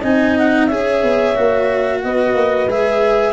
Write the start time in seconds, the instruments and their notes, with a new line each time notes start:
0.00 tuba C4, cello D#4, horn D#5, clarinet G#5
0.38 clarinet F#5
0.66 tuba C#4, cello G#4, horn C#5, clarinet E5
1.02 tuba B3
1.35 tuba A#3, cello F#4
2.03 tuba B3, horn B4, clarinet D#5
2.34 tuba A#3
2.67 tuba G#3, cello G#4, clarinet E5